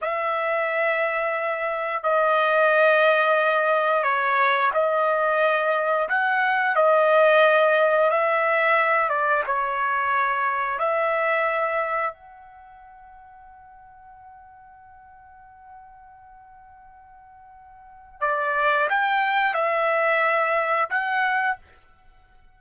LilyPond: \new Staff \with { instrumentName = "trumpet" } { \time 4/4 \tempo 4 = 89 e''2. dis''4~ | dis''2 cis''4 dis''4~ | dis''4 fis''4 dis''2 | e''4. d''8 cis''2 |
e''2 fis''2~ | fis''1~ | fis''2. d''4 | g''4 e''2 fis''4 | }